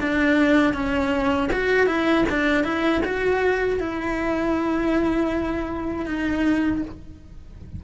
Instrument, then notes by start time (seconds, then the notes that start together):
cello
0.00 D4
0.73 C#4
1.52 F#4
1.86 E4
2.29 D4
2.64 E4
3.04 F#4
3.79 E4
6.06 D#4